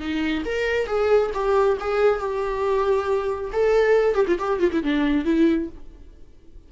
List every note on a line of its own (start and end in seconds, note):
0.00 0.44 D#4
0.45 0.87 A#4
0.87 1.31 G#4
1.34 1.78 G4
1.80 2.19 G#4
2.19 3.51 G4
3.53 4.15 A4
4.15 4.26 G4
4.28 4.39 F4
4.39 4.60 G4
4.60 4.71 F4
4.72 4.83 E4
4.84 5.25 D4
5.25 5.69 E4